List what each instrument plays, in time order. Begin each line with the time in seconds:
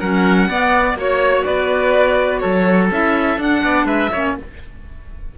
0.00 cello F#3, clarinet C#4, oboe A#4, violin F#5
0.49 clarinet B3, cello B3, oboe D5
0.94 cello A#3, clarinet F#4, violin C#5
1.00 oboe C#5
1.44 cello B3, oboe B4, violin D5
2.39 cello F#3, oboe A4, violin C#5
2.91 cello C#4, clarinet E4, violin E5
3.38 cello D4, clarinet D4, violin F#5
3.63 cello B3, oboe D5
3.85 cello G#3, oboe B4, violin E5
4.12 cello A#3, clarinet C#4, oboe C#5